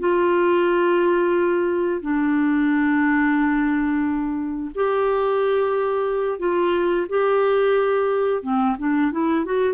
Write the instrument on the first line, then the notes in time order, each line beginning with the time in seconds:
clarinet
0.00 F4
2.02 D4
4.75 G4
6.40 F4
7.10 G4
8.43 C4
8.79 D4
9.12 E4
9.45 F#4